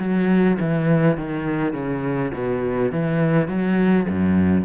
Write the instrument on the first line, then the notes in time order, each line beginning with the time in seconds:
cello
0.00 F#3
0.60 E3
1.18 D#3
1.74 C#3
2.34 B2
2.92 E3
3.48 F#3
4.10 F#2